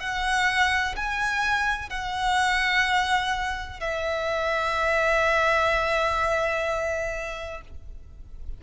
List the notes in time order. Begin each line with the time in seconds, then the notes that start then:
0.00 F#5
0.96 G#5
1.90 F#5
3.80 E5